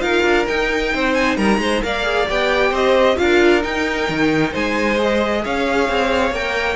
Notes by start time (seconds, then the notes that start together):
0.00 D#4 F4 A#4 F5
0.23 D4
0.48 D#4 G5
0.94 C4 C5
1.14 G#5
1.37 G3 A#4 A#5
1.58 G#3 C5
1.82 A#3 A#4 D5 F5
2.04 G#4
2.28 B3 G4 G5
2.71 C4 C5 D#5
3.16 D4 F4 A#4 F5
3.61 D#4 G5
4.09 D#3
4.51 G#3 C5 G#5
4.98 G#4 D#5
5.44 C#4 C#5 F5
5.89 C4
6.31 A#3 A#4 G5